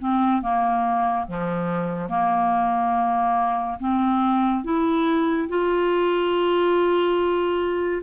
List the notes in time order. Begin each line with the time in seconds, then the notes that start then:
0.00 C4
0.42 A#3
1.28 F3
2.09 A#3
3.80 C4
4.64 E4
5.49 F4